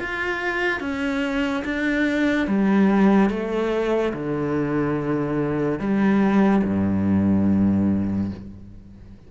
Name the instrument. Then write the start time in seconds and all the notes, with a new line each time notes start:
cello
0.00 F4
0.80 C#4
1.64 D4
2.47 G3
3.30 A3
4.13 D3
5.79 G3
6.64 G2